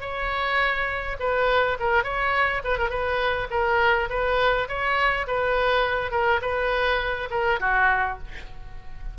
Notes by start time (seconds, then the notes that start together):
0.00 C#5
1.19 B4
1.79 A#4
2.03 C#5
2.63 B4
2.78 A#4
2.89 B4
3.50 A#4
4.09 B4
4.68 C#5
5.27 B4
6.11 A#4
6.41 B4
7.30 A#4
7.60 F#4